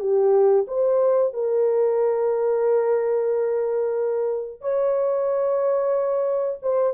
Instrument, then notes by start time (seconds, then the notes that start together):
horn
0.00 G4
0.67 C5
1.34 A#4
4.61 C#5
6.62 C5